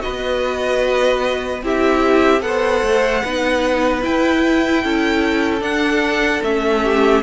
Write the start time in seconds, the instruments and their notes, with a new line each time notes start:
0.00 viola F#4, violin B4 D#5
0.07 cello B3
1.64 cello C4, viola E4, violin G4 E5
2.41 cello B3, viola A4, violin C5 F#5
2.83 cello A3
3.24 cello B3, viola D#4, violin B4
4.02 viola E4, cello E4, violin G5
4.84 cello C#4, violin A4
5.61 viola D4, cello D4, violin F#5
6.43 cello A3, viola C#4, violin E5
6.84 violin G4